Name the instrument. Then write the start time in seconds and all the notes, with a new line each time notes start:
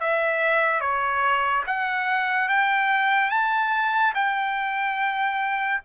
trumpet
0.00 E5
0.80 C#5
1.67 F#5
2.48 G5
3.30 A5
4.14 G5